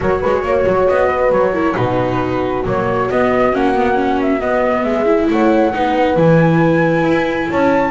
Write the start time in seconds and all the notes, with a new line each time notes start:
0.00 F#3 F#4 A#4 C#5
0.20 G#3 B4
0.43 A#3 C#5
0.66 F#3
0.87 B3 D#5
1.08 B4
1.31 F#3 C#5
1.53 E4 A#4
1.75 B2 D#4 F#4 B4
2.65 F#3 A#3 C#5
3.10 B3 D#5
3.52 A#3 C#4 F#5
3.75 B3
3.94 C#4
4.21 E5
4.41 B3 D#5
4.83 G#3 G#4 E5
5.05 E4
5.30 A3 C#5 F#5
5.73 B3 D#4 B4
6.16 E3 E4 G#5
7.03 E4
7.49 C#4 C#5 A5